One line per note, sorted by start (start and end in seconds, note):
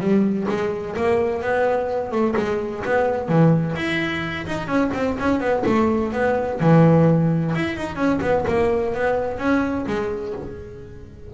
0.00 0.47 G3
0.49 0.96 G#3
0.97 1.42 A#3
1.42 2.12 B3
2.12 2.35 A3
2.37 2.84 G#3
2.85 3.29 B3
3.29 3.75 E3
3.76 4.46 E4
4.47 4.67 D#4
4.67 4.91 C#4
4.94 5.18 C4
5.20 5.40 C#4
5.40 5.64 B3
5.66 6.13 A3
6.13 6.60 B3
6.61 7.54 E3
7.55 7.77 E4
7.77 7.96 D#4
7.96 8.19 C#4
8.22 8.45 B3
8.48 8.94 A#3
8.94 9.39 B3
9.39 9.85 C#4
9.87 10.34 G#3